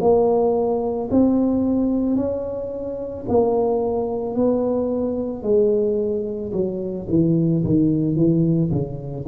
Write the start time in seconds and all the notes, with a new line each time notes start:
0.00 A#3
1.11 C4
2.16 C#4
3.28 A#3
4.35 B3
5.43 G#3
6.52 F#3
7.09 E3
7.64 D#3
8.16 E3
8.71 C#3